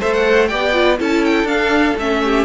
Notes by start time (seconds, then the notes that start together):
0.00 A3 A4 C5 E5
0.14 F#5
0.48 B3 G4 D5 G5
0.73 F4
0.98 C#4 E4 A4 A5
1.25 G5
1.44 D4 F5
1.98 A3 C#4 E5
2.25 G4